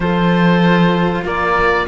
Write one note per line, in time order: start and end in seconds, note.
0.00 1.23 F3
0.00 1.87 F4
0.00 1.24 A4
0.00 1.24 C5
1.24 1.87 A#3
1.24 1.86 A#4
1.24 1.87 D5